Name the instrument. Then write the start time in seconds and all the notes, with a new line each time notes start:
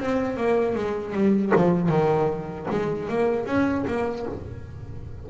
double bass
0.00 C4
0.38 A#3
0.76 G#3
1.14 G3
1.56 F3
1.89 D#3
2.71 G#3
3.10 A#3
3.46 C#4
3.87 A#3